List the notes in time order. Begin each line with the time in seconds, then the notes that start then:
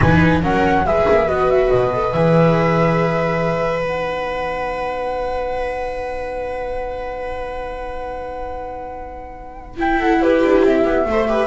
0.00 E3 D#4 B4 G#5
0.42 F#3 C#4 A#4 F#5
0.85 G#3 G#4 B4 E5
1.09 A#3
1.27 B3 F#4 D#5
1.49 E5
1.70 B2 D#5
1.93 A4
2.12 E3 G#4 E5
3.80 B3 D#4 F#5
9.77 E4 G5
9.98 A4 F#5
10.21 G4 B4
10.44 D4
10.62 C4 E5
10.84 B3
11.05 A3 A4 C5
11.28 G4 B4